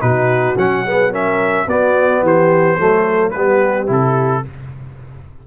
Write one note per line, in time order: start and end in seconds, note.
0.00 0.56 B2
0.00 0.56 D#4
0.00 0.84 F#4
0.00 0.56 B4
0.56 1.67 F#3
0.56 0.85 C#4
0.56 1.14 F#5
0.84 1.11 B3
0.84 1.11 G#4
1.11 1.67 C#4
1.11 1.66 A#4
1.11 1.69 E5
1.67 2.22 B3
1.67 2.79 B3
1.67 2.22 F#4
1.67 2.24 D5
2.22 2.77 E3
2.22 2.77 G4
2.22 3.30 C5
2.77 3.34 F#3
2.77 3.34 A3
2.77 3.33 A4
3.30 3.89 G3
3.30 3.86 B3
3.30 4.44 G4
3.30 3.86 B4
3.86 4.45 C3
3.86 4.42 E4
3.86 4.47 A4